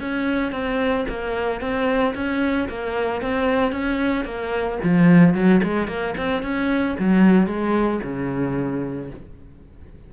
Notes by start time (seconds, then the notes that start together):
0.00 C#4
0.52 C4
1.09 A#3
1.61 C4
2.15 C#4
2.69 A#3
3.22 C4
3.72 C#4
4.25 A#3
4.84 F3
5.34 F#3
5.63 G#3
5.88 A#3
6.17 C4
6.42 C#4
6.99 F#3
7.47 G#3
8.03 C#3